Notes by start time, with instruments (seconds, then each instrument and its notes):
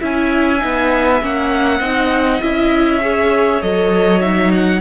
0.00 cello C#4, viola E4, violin E5 G#5
0.59 cello B3, viola D#4
1.22 cello A#3, viola C#4, violin F#5
1.79 cello C4, viola D#4, violin D#5
2.42 cello C#4, viola E4, violin E5
3.01 viola G#4, violin C#5
3.62 cello F#3, viola A4, violin D#5
4.21 viola D#4, violin E5
4.55 violin F#5